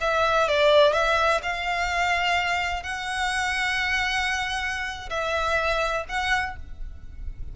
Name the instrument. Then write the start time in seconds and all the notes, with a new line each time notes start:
violin
0.00 E5
0.48 D5
0.93 E5
1.42 F5
2.83 F#5
5.09 E5
6.08 F#5